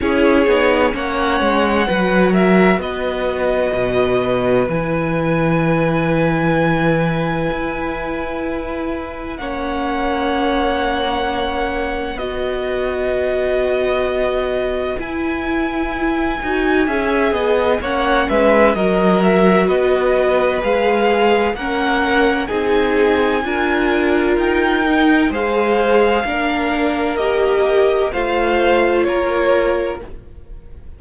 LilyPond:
<<
  \new Staff \with { instrumentName = "violin" } { \time 4/4 \tempo 4 = 64 cis''4 fis''4. e''8 dis''4~ | dis''4 gis''2.~ | gis''2 fis''2~ | fis''4 dis''2. |
gis''2. fis''8 e''8 | dis''8 e''8 dis''4 f''4 fis''4 | gis''2 g''4 f''4~ | f''4 dis''4 f''4 cis''4 | }
  \new Staff \with { instrumentName = "violin" } { \time 4/4 gis'4 cis''4 b'8 ais'8 b'4~ | b'1~ | b'2 cis''2~ | cis''4 b'2.~ |
b'2 e''8 dis''8 cis''8 b'8 | ais'4 b'2 ais'4 | gis'4 ais'2 c''4 | ais'2 c''4 ais'4 | }
  \new Staff \with { instrumentName = "viola" } { \time 4/4 e'8 dis'8 cis'4 fis'2~ | fis'4 e'2.~ | e'2 cis'2~ | cis'4 fis'2. |
e'4. fis'8 gis'4 cis'4 | fis'2 gis'4 cis'4 | dis'4 f'4. dis'8 gis'4 | d'4 g'4 f'2 | }
  \new Staff \with { instrumentName = "cello" } { \time 4/4 cis'8 b8 ais8 gis8 fis4 b4 | b,4 e2. | e'2 ais2~ | ais4 b2. |
e'4. dis'8 cis'8 b8 ais8 gis8 | fis4 b4 gis4 ais4 | c'4 d'4 dis'4 gis4 | ais2 a4 ais4 | }
>>